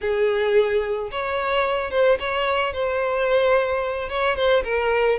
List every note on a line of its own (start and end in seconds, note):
0.01 1.10 G#4
1.11 1.90 C#5
1.90 2.18 C5
2.19 2.73 C#5
2.73 4.09 C5
4.09 4.36 C#5
4.36 4.63 C5
4.64 5.18 A#4